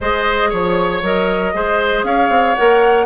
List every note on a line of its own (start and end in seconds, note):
0.00 0.52 G#3
0.00 1.03 G#4
0.00 0.49 C5
0.00 0.52 D#5
0.49 1.01 F3
0.49 1.52 C#5
0.49 1.03 C#5
1.01 1.53 F#3
1.01 1.54 A#4
1.01 2.04 D#5
1.54 2.03 G#3
1.54 2.56 G#4
1.54 2.06 C5
2.03 2.29 C#4
2.03 3.05 C#5
2.03 2.55 F5
2.29 2.54 C4
2.55 3.05 A#3
2.55 3.05 A#4
2.55 3.05 F#5